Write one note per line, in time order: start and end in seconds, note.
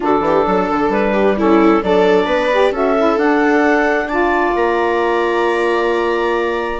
0.00 0.20 D3
0.00 1.35 D4
0.00 0.22 F#4
0.00 0.91 A4
0.20 0.43 E3
0.20 0.46 G4
0.46 0.69 F#3
0.46 1.13 A4
0.70 0.88 D3
0.88 1.79 G3
0.88 1.37 B4
1.13 1.36 G4
1.36 1.83 C#4
1.36 1.82 E4
1.36 1.83 A4
1.83 2.25 F#3
1.83 2.51 D4
1.83 2.26 A4
1.83 2.74 D5
2.25 2.71 B3
2.25 2.71 B4
2.52 2.73 G4
2.71 3.16 C#4
2.71 2.96 F#4
2.71 4.08 A4
2.71 3.18 E5
2.96 3.19 E4
3.16 4.53 D4
3.16 4.09 D4
3.16 4.08 F#5
4.08 6.80 F4
4.08 6.80 D5
4.08 4.54 A5
4.55 6.80 A#3
4.55 6.80 A#5